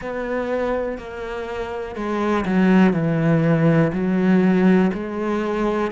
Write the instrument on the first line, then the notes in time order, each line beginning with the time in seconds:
cello
0.01 B3
0.97 A#3
1.95 G#3
2.45 F#3
2.93 E3
3.93 F#3
4.93 G#3